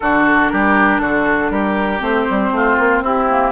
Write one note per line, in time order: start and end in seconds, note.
0.00 0.51 D3
0.00 1.99 D4
0.00 0.52 F#4
0.00 0.48 A4
0.48 0.99 G3
0.48 1.01 G4
0.48 0.99 A#4
0.99 1.49 D3
0.99 1.51 F#4
0.99 1.49 A4
1.49 2.00 G3
1.49 2.52 G4
1.49 2.00 A#4
1.99 2.26 A3
1.99 3.25 C4
1.99 3.03 C5
2.30 2.51 G3
2.51 2.76 A3
2.51 3.03 F4
2.78 3.01 A#3
3.01 3.51 C4
3.01 3.51 E4
3.01 3.51 G4
3.30 3.51 A#3